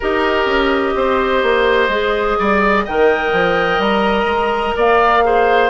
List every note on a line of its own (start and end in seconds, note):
0.00 0.45 D#4
0.00 1.90 G4
0.00 0.94 A#4
0.00 2.86 D#5
0.45 0.93 C#4
0.95 1.42 C4
0.95 2.38 C5
1.42 1.88 A#3
1.88 2.36 G#3
1.88 2.86 G#4
2.38 2.87 G3
2.38 2.84 D5
2.84 3.32 D#3
2.84 5.24 A#4
2.84 4.75 D#5
2.84 3.81 G5
3.32 3.78 F3
3.78 4.24 G3
3.78 4.76 A#5
4.24 4.72 G#3
4.76 5.69 A#3
4.76 5.23 D5
4.76 5.69 F5
5.24 5.69 G#4
5.24 5.69 C5